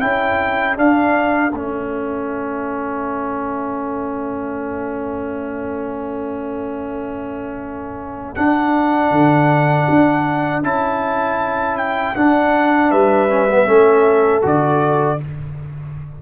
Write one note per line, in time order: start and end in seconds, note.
0.00 0.77 C#4
0.00 0.75 E4
0.00 12.90 A4
0.00 0.76 G5
0.75 1.51 D4
0.75 1.52 D4
0.75 1.53 F5
1.52 8.36 A3
1.52 8.36 C#4
1.52 8.35 E5
8.35 10.63 D4
8.35 9.11 D4
8.35 10.63 F#5
9.11 9.87 D3
9.89 10.63 D4
10.63 12.15 C#4
10.63 12.15 E4
10.63 11.77 A5
11.77 12.15 G5
12.15 13.29 D4
12.15 12.91 D4
12.15 12.91 F#5
12.90 13.67 G3
12.90 13.66 B4
12.90 14.43 E5
13.29 13.48 C#4
13.50 13.65 B3
13.65 14.43 A3
13.65 14.41 C#4
13.65 15.19 A4
14.42 15.20 D3
14.42 15.18 F#4
14.42 15.22 D5